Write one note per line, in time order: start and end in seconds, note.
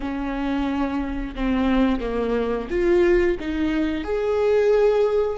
0.00 1.34 C#4
1.35 2.00 C4
2.00 2.68 A#3
2.70 3.37 F4
3.40 4.04 D#4
4.04 5.37 G#4